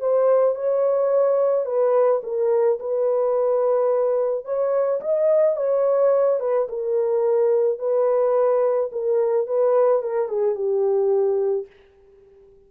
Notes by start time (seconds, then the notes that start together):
0.00 C5
0.55 C#5
1.66 B4
2.23 A#4
2.80 B4
4.45 C#5
5.01 D#5
5.57 C#5
6.40 B4
6.69 A#4
7.79 B4
8.92 A#4
9.47 B4
10.03 A#4
10.29 G#4
10.55 G4